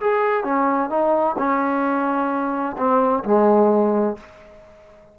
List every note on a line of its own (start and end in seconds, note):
0.00 0.44 G#4
0.44 0.90 C#4
0.90 1.36 D#4
1.38 2.76 C#4
2.77 3.23 C4
3.24 4.16 G#3